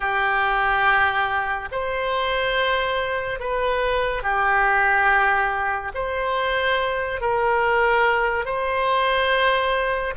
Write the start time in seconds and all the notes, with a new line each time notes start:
0.00 G4
1.71 C5
3.39 B4
4.23 G4
5.94 C5
7.21 A#4
8.45 C5